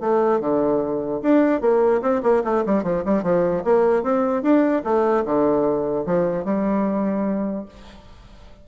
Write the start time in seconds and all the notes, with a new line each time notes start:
0.00 A3
0.40 D3
1.22 D4
1.61 A#3
2.02 C4
2.23 A#3
2.44 A3
2.66 G3
2.83 F3
3.05 G3
3.23 F3
3.64 A#3
4.03 C4
4.42 D4
4.84 A3
5.25 D3
6.05 F3
6.44 G3